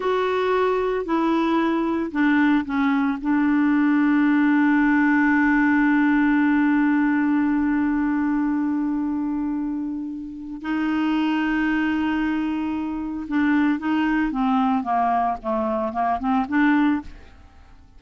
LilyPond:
\new Staff \with { instrumentName = "clarinet" } { \time 4/4 \tempo 4 = 113 fis'2 e'2 | d'4 cis'4 d'2~ | d'1~ | d'1~ |
d'1 | dis'1~ | dis'4 d'4 dis'4 c'4 | ais4 a4 ais8 c'8 d'4 | }